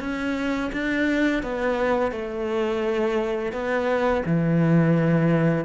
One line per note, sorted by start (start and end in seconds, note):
0.00 0.71 C#4
0.72 1.43 D4
1.43 2.11 B3
2.11 3.52 A3
3.52 4.23 B3
4.25 5.65 E3